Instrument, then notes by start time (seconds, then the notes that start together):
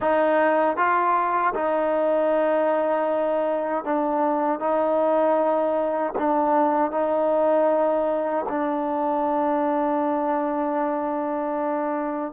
trombone
0.00 D#4
0.76 F4
1.54 D#4
3.84 D4
4.59 D#4
6.18 D4
6.91 D#4
8.49 D4